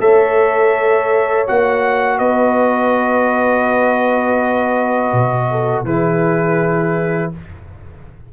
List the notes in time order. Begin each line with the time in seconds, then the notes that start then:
0.00 A3 A4 C#5 E5
1.47 A#3 F#4 F#5
2.18 B3 B4 D#5
5.13 B2
5.51 A4
5.84 E3 E4 G#4 B4